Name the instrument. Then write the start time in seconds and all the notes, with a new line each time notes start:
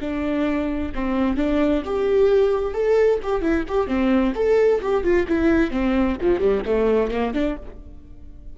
viola
0.00 D4
0.95 C4
1.37 D4
1.85 G4
2.74 A4
3.23 G4
3.41 E4
3.68 G4
3.87 C4
4.35 A4
4.81 G4
5.03 F4
5.28 E4
5.71 C4
6.21 F3
6.39 G3
6.65 A3
7.11 A#3
7.33 D4